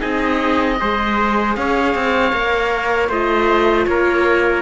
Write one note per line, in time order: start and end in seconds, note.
0.00 0.80 C4
0.00 0.77 D#4
0.00 0.77 G#4
0.00 1.55 D#5
0.79 1.57 G#3
0.79 2.33 G#4
0.79 1.57 C5
1.55 1.95 C#4
1.55 3.09 C#5
1.55 3.09 F5
1.95 2.33 C4
2.33 3.09 A#3
2.33 3.10 A#4
3.09 3.86 A3
3.09 4.62 F4
3.09 3.86 C5
3.09 3.85 D#5
3.85 4.62 A#3
3.85 4.62 A#4
3.85 4.62 C#5